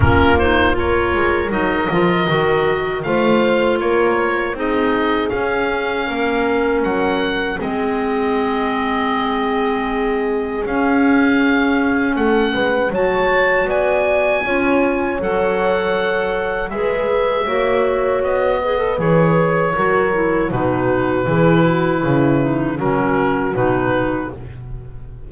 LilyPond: <<
  \new Staff \with { instrumentName = "oboe" } { \time 4/4 \tempo 4 = 79 ais'8 c''8 cis''4 dis''2 | f''4 cis''4 dis''4 f''4~ | f''4 fis''4 dis''2~ | dis''2 f''2 |
fis''4 a''4 gis''2 | fis''2 e''2 | dis''4 cis''2 b'4~ | b'2 ais'4 b'4 | }
  \new Staff \with { instrumentName = "horn" } { \time 4/4 f'4 ais'2. | c''4 ais'4 gis'2 | ais'2 gis'2~ | gis'1 |
a'8 b'8 cis''4 d''4 cis''4~ | cis''2 b'4 cis''4~ | cis''8 b'4. ais'4 fis'4 | gis'8 fis'8 e'4 fis'2 | }
  \new Staff \with { instrumentName = "clarinet" } { \time 4/4 cis'8 dis'8 f'4 dis'8 f'8 fis'4 | f'2 dis'4 cis'4~ | cis'2 c'2~ | c'2 cis'2~ |
cis'4 fis'2 f'4 | a'2 gis'4 fis'4~ | fis'8 gis'16 a'16 gis'4 fis'8 e'8 dis'4 | e'4. dis'8 cis'4 dis'4 | }
  \new Staff \with { instrumentName = "double bass" } { \time 4/4 ais4. gis8 fis8 f8 dis4 | a4 ais4 c'4 cis'4 | ais4 fis4 gis2~ | gis2 cis'2 |
a8 gis8 fis4 b4 cis'4 | fis2 gis4 ais4 | b4 e4 fis4 b,4 | e4 cis4 fis4 b,4 | }
>>